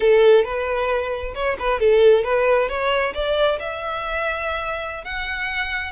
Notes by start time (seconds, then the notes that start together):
0.00 A4
0.44 B4
1.34 C#5
1.59 B4
1.79 A4
2.24 B4
2.69 C#5
3.14 D5
3.59 E5
5.04 F#5